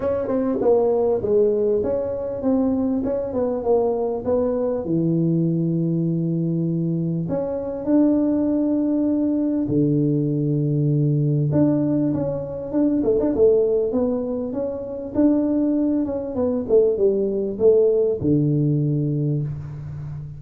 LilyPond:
\new Staff \with { instrumentName = "tuba" } { \time 4/4 \tempo 4 = 99 cis'8 c'8 ais4 gis4 cis'4 | c'4 cis'8 b8 ais4 b4 | e1 | cis'4 d'2. |
d2. d'4 | cis'4 d'8 a16 d'16 a4 b4 | cis'4 d'4. cis'8 b8 a8 | g4 a4 d2 | }